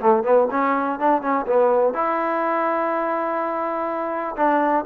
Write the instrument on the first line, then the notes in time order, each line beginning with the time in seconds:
trombone
0.00 A3
0.24 B3
0.51 C#4
0.99 D4
1.22 C#4
1.46 B3
1.94 E4
4.37 D4